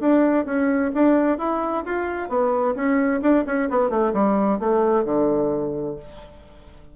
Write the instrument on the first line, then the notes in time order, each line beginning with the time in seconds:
bassoon
0.00 D4
0.45 C#4
0.94 D4
1.38 E4
1.85 F4
2.29 B3
2.75 C#4
3.22 D4
3.46 C#4
3.70 B3
3.90 A3
4.13 G3
4.59 A3
5.05 D3